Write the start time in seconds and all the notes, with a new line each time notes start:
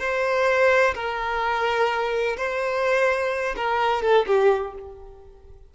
0.00 C5
0.95 A#4
2.37 C5
3.57 A#4
4.03 A4
4.27 G4